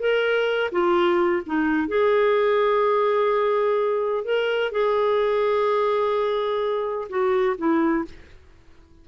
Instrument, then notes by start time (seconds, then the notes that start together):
clarinet
0.00 A#4
0.72 F4
1.46 D#4
1.88 G#4
4.25 A#4
4.72 G#4
7.10 F#4
7.58 E4